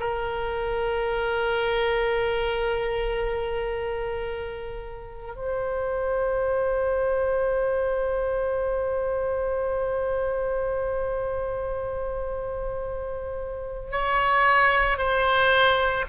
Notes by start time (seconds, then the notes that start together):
0.00 A#4
5.35 C5
13.91 C#5
14.98 C5